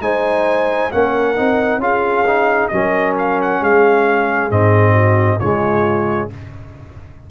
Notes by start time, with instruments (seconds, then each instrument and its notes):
0.00 tuba G#3, trombone D#4, horn C5, trumpet G#5
0.91 tuba A#3, trombone C#4, horn A#4, trumpet F#5
1.36 tuba C4, trombone D#4
1.77 tuba C#4, trombone F4, horn G#4, trumpet F5
2.26 trombone D#4
2.68 tuba F#3, trombone C#4, horn A#4, trumpet D#5
3.18 trumpet F5
3.41 trumpet F#5
3.60 tuba G#3, horn G#4, trumpet F5
4.50 tuba G#2, trombone C4, trumpet D#5
4.92 horn F#4
5.39 tuba C#3, trombone G#3, horn F4, trumpet C#5